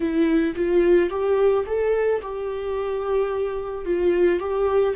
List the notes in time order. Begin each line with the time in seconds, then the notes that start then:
0.00 E4
0.55 F4
1.10 G4
1.66 A4
2.21 G4
3.85 F4
4.39 G4